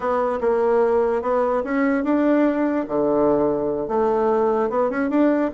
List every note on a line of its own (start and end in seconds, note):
0.00 0.39 B3
0.40 1.22 A#3
1.22 1.63 B3
1.63 2.04 C#4
2.04 2.85 D4
2.88 3.88 D3
3.88 4.69 A3
4.69 4.89 B3
4.89 5.09 C#4
5.09 5.50 D4